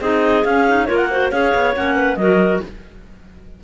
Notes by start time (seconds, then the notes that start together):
0.00 C4 D#4 G#4 D#5
0.45 C#4 F5
0.67 D#4
0.85 A#3 F4 A#4 C#5
0.96 F#5
1.10 F#4 C5
1.30 C#4 G#4 C#5 F5
1.54 B3
1.74 A#3 C#4 F#5
1.96 B4
2.16 F#3 F#4 A#4 D#5